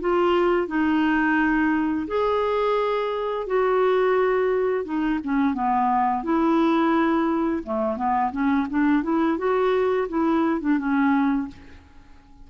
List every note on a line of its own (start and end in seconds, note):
0.00 0.67 F4
0.67 2.07 D#4
2.07 3.47 G#4
3.47 4.84 F#4
4.84 5.19 D#4
5.23 5.53 C#4
5.53 6.23 B3
6.23 7.63 E4
7.63 7.96 A3
7.96 8.31 B3
8.32 8.67 C#4
8.70 9.03 D4
9.03 9.38 E4
9.38 10.08 F#4
10.08 10.60 E4
10.60 10.78 D4
10.78 11.48 C#4